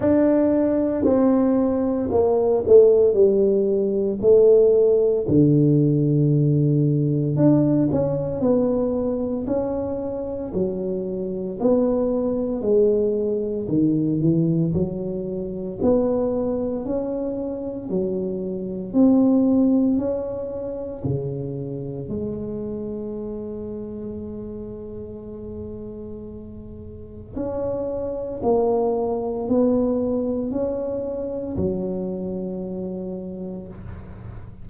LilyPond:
\new Staff \with { instrumentName = "tuba" } { \time 4/4 \tempo 4 = 57 d'4 c'4 ais8 a8 g4 | a4 d2 d'8 cis'8 | b4 cis'4 fis4 b4 | gis4 dis8 e8 fis4 b4 |
cis'4 fis4 c'4 cis'4 | cis4 gis2.~ | gis2 cis'4 ais4 | b4 cis'4 fis2 | }